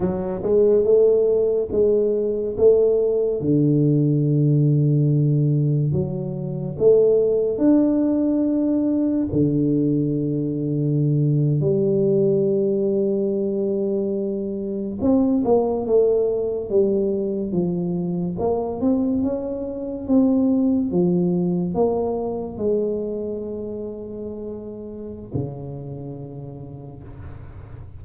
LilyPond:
\new Staff \with { instrumentName = "tuba" } { \time 4/4 \tempo 4 = 71 fis8 gis8 a4 gis4 a4 | d2. fis4 | a4 d'2 d4~ | d4.~ d16 g2~ g16~ |
g4.~ g16 c'8 ais8 a4 g16~ | g8. f4 ais8 c'8 cis'4 c'16~ | c'8. f4 ais4 gis4~ gis16~ | gis2 cis2 | }